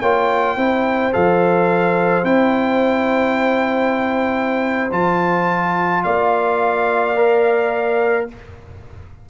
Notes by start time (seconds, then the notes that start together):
0.00 A#3 F4 C#5 G5
0.57 C4 E4 C5
1.12 F3 A4 F5
2.24 C4 E4 G5
4.91 F3 F4 A5
6.03 A#3 D5 F5
7.16 A#4